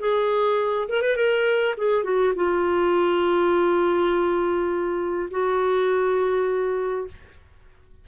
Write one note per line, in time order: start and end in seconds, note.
0.00 0.88 G#4
0.89 1.02 A#4
1.02 1.16 B4
1.16 1.75 A#4
1.78 2.04 G#4
2.04 2.33 F#4
2.36 5.30 F4
5.31 7.07 F#4